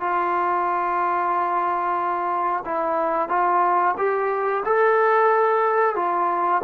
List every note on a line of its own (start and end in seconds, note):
0.00 2.64 F4
2.65 3.28 E4
3.28 3.94 F4
3.97 4.63 G4
4.65 5.96 A4
5.96 6.61 F4